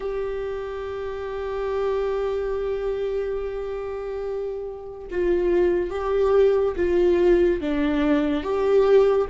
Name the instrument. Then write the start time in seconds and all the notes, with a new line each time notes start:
viola
0.00 G4
5.10 F4
5.90 G4
6.76 F4
7.61 D4
8.43 G4